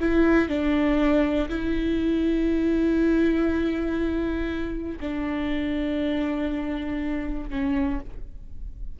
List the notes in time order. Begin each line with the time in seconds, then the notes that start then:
0.00 E4
0.49 D4
1.49 E4
5.00 D4
7.50 C#4